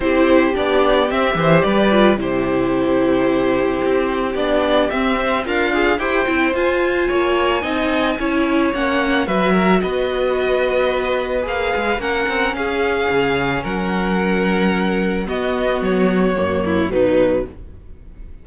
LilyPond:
<<
  \new Staff \with { instrumentName = "violin" } { \time 4/4 \tempo 4 = 110 c''4 d''4 e''4 d''4 | c''1 | d''4 e''4 f''4 g''4 | gis''1 |
fis''4 e''4 dis''2~ | dis''4 f''4 fis''4 f''4~ | f''4 fis''2. | dis''4 cis''2 b'4 | }
  \new Staff \with { instrumentName = "violin" } { \time 4/4 g'2~ g'8 c''8 b'4 | g'1~ | g'2 f'4 c''4~ | c''4 cis''4 dis''4 cis''4~ |
cis''4 b'8 ais'8 b'2~ | b'2 ais'4 gis'4~ | gis'4 ais'2. | fis'2~ fis'8 e'8 dis'4 | }
  \new Staff \with { instrumentName = "viola" } { \time 4/4 e'4 d'4 c'8 g'4 f'8 | e'1 | d'4 c'8 c''8 ais'8 gis'8 g'8 e'8 | f'2 dis'4 e'4 |
cis'4 fis'2.~ | fis'4 gis'4 cis'2~ | cis'1 | b2 ais4 fis4 | }
  \new Staff \with { instrumentName = "cello" } { \time 4/4 c'4 b4 c'8 e8 g4 | c2. c'4 | b4 c'4 d'4 e'8 c'8 | f'4 ais4 c'4 cis'4 |
ais4 fis4 b2~ | b4 ais8 gis8 ais8 c'8 cis'4 | cis4 fis2. | b4 fis4 fis,4 b,4 | }
>>